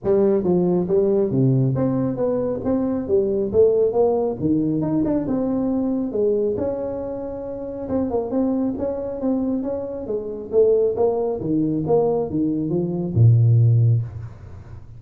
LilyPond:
\new Staff \with { instrumentName = "tuba" } { \time 4/4 \tempo 4 = 137 g4 f4 g4 c4 | c'4 b4 c'4 g4 | a4 ais4 dis4 dis'8 d'8 | c'2 gis4 cis'4~ |
cis'2 c'8 ais8 c'4 | cis'4 c'4 cis'4 gis4 | a4 ais4 dis4 ais4 | dis4 f4 ais,2 | }